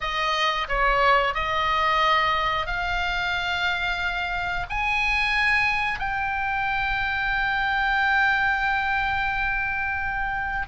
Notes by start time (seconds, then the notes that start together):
0.00 D#5
0.68 C#5
1.34 D#5
2.66 F5
4.69 G#5
5.99 G5